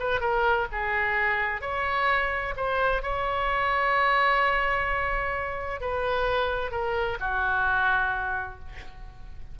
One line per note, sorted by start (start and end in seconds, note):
0.00 0.21 B4
0.21 0.67 A#4
0.73 1.62 G#4
1.62 2.55 C#5
2.57 3.03 C5
3.03 5.81 C#5
5.81 6.71 B4
6.71 7.18 A#4
7.20 8.60 F#4